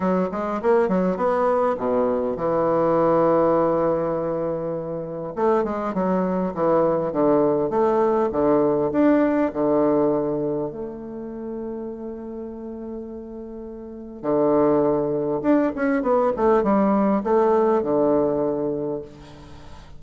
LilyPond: \new Staff \with { instrumentName = "bassoon" } { \time 4/4 \tempo 4 = 101 fis8 gis8 ais8 fis8 b4 b,4 | e1~ | e4 a8 gis8 fis4 e4 | d4 a4 d4 d'4 |
d2 a2~ | a1 | d2 d'8 cis'8 b8 a8 | g4 a4 d2 | }